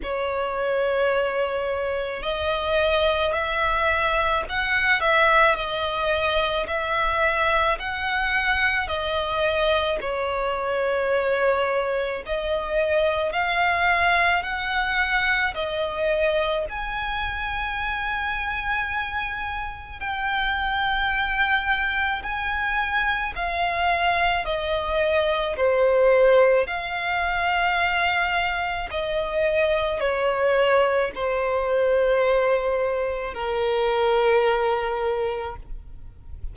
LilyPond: \new Staff \with { instrumentName = "violin" } { \time 4/4 \tempo 4 = 54 cis''2 dis''4 e''4 | fis''8 e''8 dis''4 e''4 fis''4 | dis''4 cis''2 dis''4 | f''4 fis''4 dis''4 gis''4~ |
gis''2 g''2 | gis''4 f''4 dis''4 c''4 | f''2 dis''4 cis''4 | c''2 ais'2 | }